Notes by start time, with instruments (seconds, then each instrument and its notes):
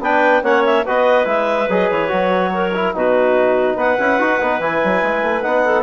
0.00 bassoon B3, trombone D4, clarinet B4 G5
0.43 bassoon A#3, trombone C#4, clarinet C#5 F#5
0.65 clarinet E5
0.85 bassoon B3, trombone F#4, clarinet B4 D#5
1.24 bassoon G#3, trombone E4, clarinet E5
1.69 bassoon F#3, trombone G#4, clarinet D#5
1.89 bassoon E3, clarinet C#5
2.08 bassoon F#3, trombone F#4
2.53 clarinet A#4
2.74 trombone E4
2.94 bassoon B2, trombone D#4, clarinet F#4 B4
3.74 bassoon B3, clarinet B4 F#5
3.99 bassoon C#4, trombone E4
4.19 bassoon D#4, trombone F#4
4.40 bassoon B3, trombone D#4
4.59 bassoon E3, trombone E4, clarinet G#5
4.84 bassoon F#3
5.02 bassoon G#3
5.22 bassoon A3
5.42 bassoon B3, trombone D#4, clarinet F#5
5.64 clarinet A4